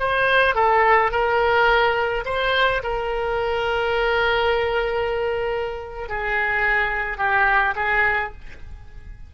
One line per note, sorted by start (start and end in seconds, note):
0.00 0.55 C5
0.55 1.12 A4
1.12 2.25 A#4
2.26 2.82 C5
2.84 6.09 A#4
6.09 7.18 G#4
7.18 7.75 G4
7.76 8.33 G#4